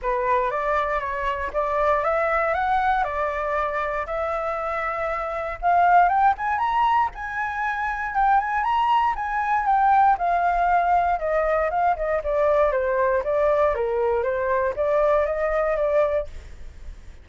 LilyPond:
\new Staff \with { instrumentName = "flute" } { \time 4/4 \tempo 4 = 118 b'4 d''4 cis''4 d''4 | e''4 fis''4 d''2 | e''2. f''4 | g''8 gis''8 ais''4 gis''2 |
g''8 gis''8 ais''4 gis''4 g''4 | f''2 dis''4 f''8 dis''8 | d''4 c''4 d''4 ais'4 | c''4 d''4 dis''4 d''4 | }